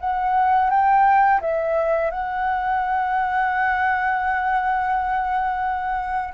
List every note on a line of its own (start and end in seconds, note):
0.00 0.70 F#5
0.70 1.41 G5
1.41 2.10 E5
2.10 6.34 F#5